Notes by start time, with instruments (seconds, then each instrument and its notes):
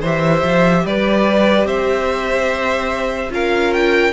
0.00 cello E3, viola G4, violin C5 E5
0.43 cello F3
0.85 cello G3, violin B4 D5
1.65 cello C4, violin C5 E5
3.30 cello C#4, viola F4, violin A#4 F5
3.73 violin G5